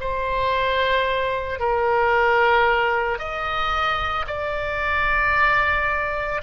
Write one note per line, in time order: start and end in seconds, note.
0.00 1.59 C5
1.59 3.19 A#4
3.19 4.25 D#5
4.27 6.41 D5